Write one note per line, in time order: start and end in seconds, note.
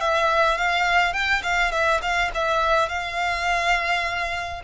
0.00 0.57 E5
0.57 1.13 F5
1.13 1.42 G5
1.43 1.71 F5
1.71 2.00 E5
2.01 2.30 F5
2.34 2.88 E5
2.88 4.62 F5